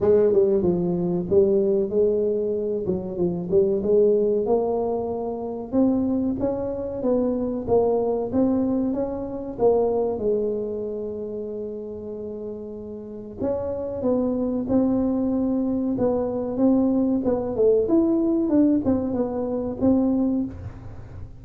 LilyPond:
\new Staff \with { instrumentName = "tuba" } { \time 4/4 \tempo 4 = 94 gis8 g8 f4 g4 gis4~ | gis8 fis8 f8 g8 gis4 ais4~ | ais4 c'4 cis'4 b4 | ais4 c'4 cis'4 ais4 |
gis1~ | gis4 cis'4 b4 c'4~ | c'4 b4 c'4 b8 a8 | e'4 d'8 c'8 b4 c'4 | }